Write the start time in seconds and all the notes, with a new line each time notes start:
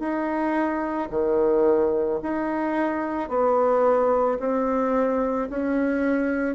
0.00 D#4
1.11 D#3
2.23 D#4
3.30 B3
4.40 C4
5.50 C#4